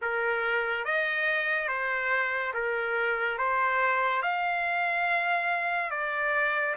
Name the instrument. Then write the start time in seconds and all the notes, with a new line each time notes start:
trumpet
0.01 A#4
0.85 D#5
1.68 C5
2.54 A#4
3.38 C5
4.22 F5
5.90 D5